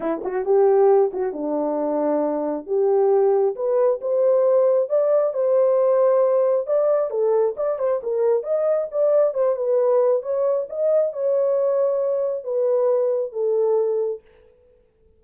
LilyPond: \new Staff \with { instrumentName = "horn" } { \time 4/4 \tempo 4 = 135 e'8 fis'8 g'4. fis'8 d'4~ | d'2 g'2 | b'4 c''2 d''4 | c''2. d''4 |
a'4 d''8 c''8 ais'4 dis''4 | d''4 c''8 b'4. cis''4 | dis''4 cis''2. | b'2 a'2 | }